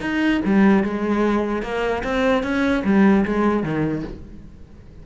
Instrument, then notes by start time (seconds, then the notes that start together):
cello
0.00 D#4
0.45 G3
0.83 G#3
1.62 A#3
2.03 C4
2.43 C#4
2.84 G3
3.25 G#3
3.63 D#3